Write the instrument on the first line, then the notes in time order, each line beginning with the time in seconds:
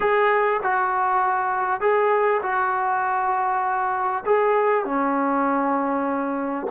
trombone
0.00 G#4
0.62 F#4
1.80 G#4
2.42 F#4
4.25 G#4
4.85 C#4